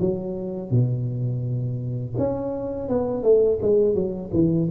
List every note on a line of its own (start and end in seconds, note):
0.00 0.70 F#3
0.70 2.15 B2
2.18 2.88 C#4
2.88 3.23 B3
3.23 3.59 A3
3.61 3.95 G#3
3.95 4.31 F#3
4.33 4.69 E3